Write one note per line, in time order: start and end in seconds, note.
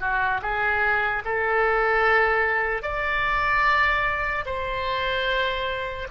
0.00 0.41 F#4
0.42 1.23 G#4
1.25 2.82 A4
2.82 4.44 D5
4.45 6.07 C5